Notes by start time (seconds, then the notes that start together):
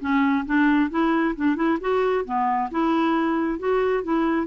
0.00 C#4
0.46 D4
0.90 E4
1.36 D4
1.55 E4
1.80 F#4
2.25 B3
2.71 E4
3.59 F#4
4.03 E4